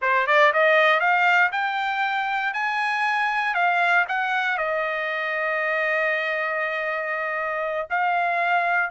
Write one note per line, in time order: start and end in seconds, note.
0.01 0.27 C5
0.27 0.52 D5
0.53 1.00 D#5
1.00 1.50 F5
1.52 2.53 G5
2.53 3.54 G#5
3.54 4.05 F5
4.08 4.57 F#5
4.57 7.88 D#5
7.89 8.90 F5